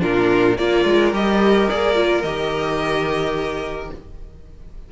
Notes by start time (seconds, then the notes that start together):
0.00 A#2 D4 F4 A#4
0.57 A#3 F4 A#4 D5
0.85 G#3
1.12 G3 G4 D#5
1.69 A#3 G#4 D5
1.95 F4
2.22 D#3 G4 D#5